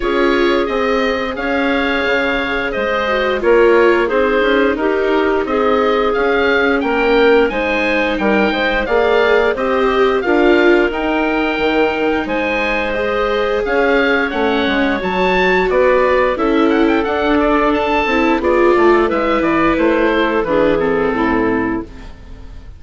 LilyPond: <<
  \new Staff \with { instrumentName = "oboe" } { \time 4/4 \tempo 4 = 88 cis''4 dis''4 f''2 | dis''4 cis''4 c''4 ais'4 | dis''4 f''4 g''4 gis''4 | g''4 f''4 dis''4 f''4 |
g''2 gis''4 dis''4 | f''4 fis''4 a''4 d''4 | e''8 fis''16 g''16 fis''8 d''8 a''4 d''4 | e''8 d''8 c''4 b'8 a'4. | }
  \new Staff \with { instrumentName = "clarinet" } { \time 4/4 gis'2 cis''2 | c''4 ais'4 gis'4 g'4 | gis'2 ais'4 c''4 | ais'8 c''8 d''4 c''4 ais'4~ |
ais'2 c''2 | cis''2. b'4 | a'2. gis'8 a'8 | b'4. a'8 gis'4 e'4 | }
  \new Staff \with { instrumentName = "viola" } { \time 4/4 f'4 gis'2.~ | gis'8 fis'8 f'4 dis'2~ | dis'4 cis'2 dis'4~ | dis'4 gis'4 g'4 f'4 |
dis'2. gis'4~ | gis'4 cis'4 fis'2 | e'4 d'4. e'8 f'4 | e'2 d'8 c'4. | }
  \new Staff \with { instrumentName = "bassoon" } { \time 4/4 cis'4 c'4 cis'4 cis4 | gis4 ais4 c'8 cis'8 dis'4 | c'4 cis'4 ais4 gis4 | g8 gis8 ais4 c'4 d'4 |
dis'4 dis4 gis2 | cis'4 a8 gis8 fis4 b4 | cis'4 d'4. c'8 b8 a8 | gis8 e8 a4 e4 a,4 | }
>>